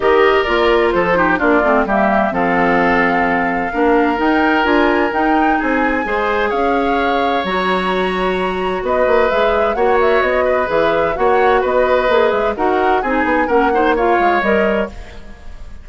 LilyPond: <<
  \new Staff \with { instrumentName = "flute" } { \time 4/4 \tempo 4 = 129 dis''4 d''4 c''4 d''4 | e''4 f''2.~ | f''4 g''4 gis''4 g''4 | gis''2 f''2 |
ais''2. dis''4 | e''4 fis''8 e''8 dis''4 e''4 | fis''4 dis''4. e''8 fis''4 | gis''4 fis''4 f''4 dis''4 | }
  \new Staff \with { instrumentName = "oboe" } { \time 4/4 ais'2 a'8 g'8 f'4 | g'4 a'2. | ais'1 | gis'4 c''4 cis''2~ |
cis''2. b'4~ | b'4 cis''4. b'4. | cis''4 b'2 ais'4 | gis'4 ais'8 c''8 cis''2 | }
  \new Staff \with { instrumentName = "clarinet" } { \time 4/4 g'4 f'4. dis'8 d'8 c'8 | ais4 c'2. | d'4 dis'4 f'4 dis'4~ | dis'4 gis'2. |
fis'1 | gis'4 fis'2 gis'4 | fis'2 gis'4 fis'4 | dis'4 cis'8 dis'8 f'4 ais'4 | }
  \new Staff \with { instrumentName = "bassoon" } { \time 4/4 dis4 ais4 f4 ais8 a8 | g4 f2. | ais4 dis'4 d'4 dis'4 | c'4 gis4 cis'2 |
fis2. b8 ais8 | gis4 ais4 b4 e4 | ais4 b4 ais8 gis8 dis'4 | c'8 b8 ais4. gis8 g4 | }
>>